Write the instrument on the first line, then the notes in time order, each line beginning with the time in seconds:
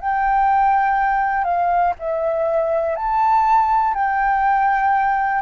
flute
0.00 G5
1.45 F5
1.99 E5
2.96 A5
3.95 G5